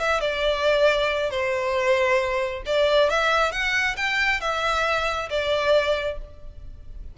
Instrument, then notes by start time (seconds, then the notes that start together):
violin
0.00 E5
0.21 D5
1.31 C5
2.66 D5
3.10 E5
3.52 F#5
3.97 G5
4.41 E5
5.30 D5